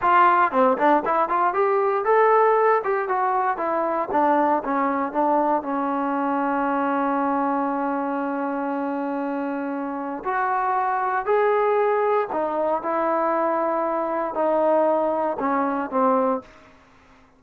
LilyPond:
\new Staff \with { instrumentName = "trombone" } { \time 4/4 \tempo 4 = 117 f'4 c'8 d'8 e'8 f'8 g'4 | a'4. g'8 fis'4 e'4 | d'4 cis'4 d'4 cis'4~ | cis'1~ |
cis'1 | fis'2 gis'2 | dis'4 e'2. | dis'2 cis'4 c'4 | }